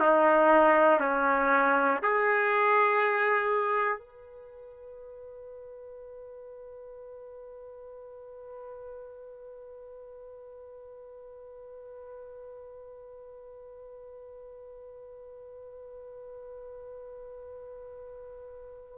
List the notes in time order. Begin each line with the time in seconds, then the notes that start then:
0.00 D#4
1.00 C#4
2.02 G#4
3.99 B4